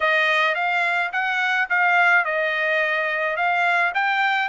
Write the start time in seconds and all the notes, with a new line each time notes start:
0.00 D#5
0.55 F5
1.12 F#5
1.69 F5
2.24 D#5
3.36 F5
3.94 G5